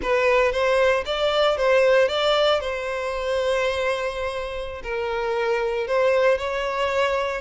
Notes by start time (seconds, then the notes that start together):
0.02 B4
0.51 C5
1.05 D5
1.57 C5
2.08 D5
2.60 C5
4.83 A#4
5.87 C5
6.38 C#5